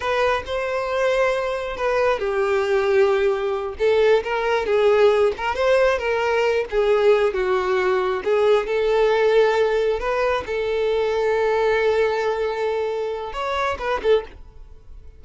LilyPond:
\new Staff \with { instrumentName = "violin" } { \time 4/4 \tempo 4 = 135 b'4 c''2. | b'4 g'2.~ | g'8 a'4 ais'4 gis'4. | ais'8 c''4 ais'4. gis'4~ |
gis'8 fis'2 gis'4 a'8~ | a'2~ a'8 b'4 a'8~ | a'1~ | a'2 cis''4 b'8 a'8 | }